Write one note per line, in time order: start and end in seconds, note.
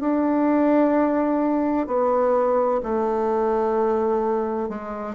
0.00 1.87 D4
1.87 2.81 B3
2.83 4.69 A3
4.69 5.15 G#3